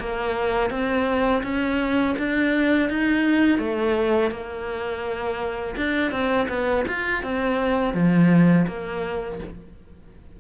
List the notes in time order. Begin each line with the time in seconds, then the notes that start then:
0.00 A#3
0.71 C4
1.44 C#4
2.19 D4
2.90 D#4
3.59 A3
4.31 A#3
5.77 D4
6.12 C4
6.49 B3
6.88 F4
7.24 C4
7.95 F3
8.68 A#3